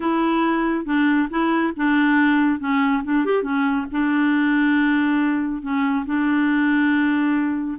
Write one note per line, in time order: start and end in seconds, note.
0.00 0.85 E4
0.85 1.28 D4
1.29 1.73 E4
1.76 2.59 D4
2.59 3.02 C#4
3.03 3.25 D4
3.25 3.42 G4
3.42 3.86 C#4
3.91 5.62 D4
5.62 6.05 C#4
6.05 7.78 D4